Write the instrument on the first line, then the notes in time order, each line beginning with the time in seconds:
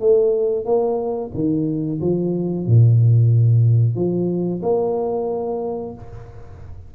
tuba
0.00 A3
0.65 A#3
1.34 D#3
2.00 F3
2.66 A#2
3.95 F3
4.62 A#3